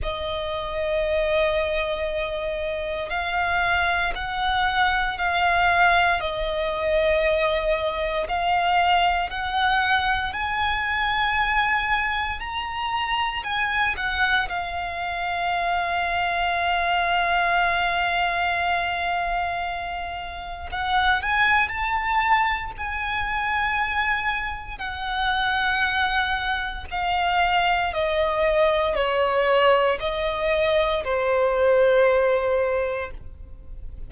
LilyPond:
\new Staff \with { instrumentName = "violin" } { \time 4/4 \tempo 4 = 58 dis''2. f''4 | fis''4 f''4 dis''2 | f''4 fis''4 gis''2 | ais''4 gis''8 fis''8 f''2~ |
f''1 | fis''8 gis''8 a''4 gis''2 | fis''2 f''4 dis''4 | cis''4 dis''4 c''2 | }